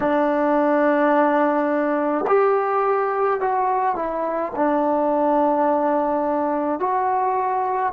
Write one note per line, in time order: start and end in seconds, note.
0.00 2.25 D4
2.26 3.40 G4
3.40 3.95 F#4
3.95 4.52 E4
4.55 6.79 D4
6.79 7.92 F#4